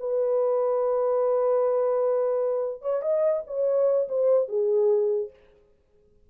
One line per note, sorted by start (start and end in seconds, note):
0.00 2.82 B4
2.82 3.02 C#5
3.03 3.43 D#5
3.47 4.09 C#5
4.09 4.49 C5
4.49 5.30 G#4